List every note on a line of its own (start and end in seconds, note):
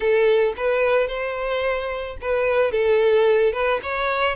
0.00 0.53 A4
0.56 1.07 B4
1.07 2.16 C5
2.21 2.71 B4
2.71 3.52 A4
3.52 3.80 B4
3.83 4.35 C#5